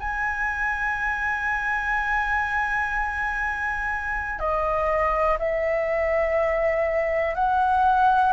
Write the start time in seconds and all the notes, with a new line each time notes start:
0.00 G#5
4.40 D#5
5.39 E5
7.35 F#5